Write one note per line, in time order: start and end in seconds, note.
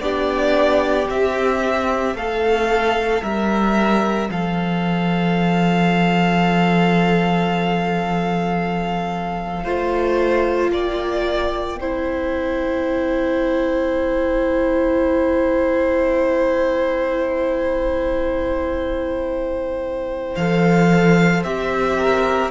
0.00 1.07 B3
0.00 1.04 D4
0.00 2.17 G4
0.00 1.07 D5
1.04 9.62 C4
1.04 2.14 C4
1.04 2.16 E5
2.14 3.21 A3
2.14 3.22 A4
2.14 3.23 F5
3.21 4.28 G3
3.21 4.29 A#4
3.21 4.30 E5
4.29 9.64 F3
4.29 9.63 A4
4.29 10.73 F5
9.63 10.70 A3
9.63 11.79 F4
9.63 10.70 C5
10.70 11.77 A#3
10.70 11.79 D5
10.70 20.35 G5
11.77 20.34 C4
11.77 20.38 E4
11.77 21.97 C5
20.35 21.44 F3
20.35 21.44 A4
20.35 21.42 F5
21.43 22.50 C4
21.43 22.50 G4
21.43 22.50 E5
21.97 22.50 A#4